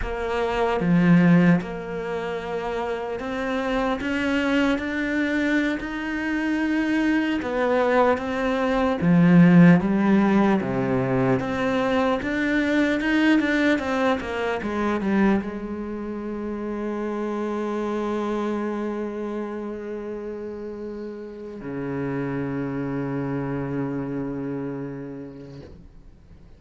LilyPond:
\new Staff \with { instrumentName = "cello" } { \time 4/4 \tempo 4 = 75 ais4 f4 ais2 | c'4 cis'4 d'4~ d'16 dis'8.~ | dis'4~ dis'16 b4 c'4 f8.~ | f16 g4 c4 c'4 d'8.~ |
d'16 dis'8 d'8 c'8 ais8 gis8 g8 gis8.~ | gis1~ | gis2. cis4~ | cis1 | }